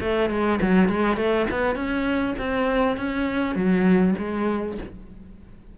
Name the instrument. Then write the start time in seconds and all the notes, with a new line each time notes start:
cello
0.00 A3
0.30 G#3
0.62 F#3
0.89 G#3
1.16 A3
1.51 B3
1.76 C#4
2.39 C4
2.97 C#4
3.55 F#3
4.18 G#3